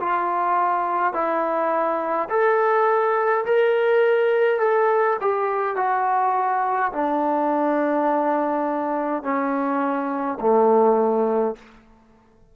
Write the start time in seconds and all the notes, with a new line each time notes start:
0.00 F4
1.13 E4
2.30 A4
3.46 A#4
4.59 A4
5.21 G4
5.76 F#4
6.92 D4
9.23 C#4
10.40 A3